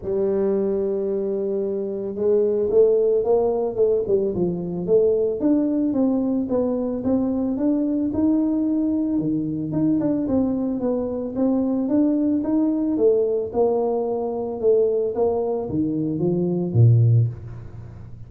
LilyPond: \new Staff \with { instrumentName = "tuba" } { \time 4/4 \tempo 4 = 111 g1 | gis4 a4 ais4 a8 g8 | f4 a4 d'4 c'4 | b4 c'4 d'4 dis'4~ |
dis'4 dis4 dis'8 d'8 c'4 | b4 c'4 d'4 dis'4 | a4 ais2 a4 | ais4 dis4 f4 ais,4 | }